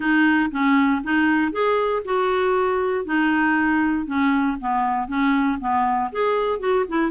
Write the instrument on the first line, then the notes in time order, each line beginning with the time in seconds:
clarinet
0.00 D#4
0.51 C#4
1.03 D#4
1.51 G#4
2.05 F#4
3.05 D#4
4.06 C#4
4.60 B3
5.08 C#4
5.59 B3
6.12 G#4
6.59 F#4
6.88 E4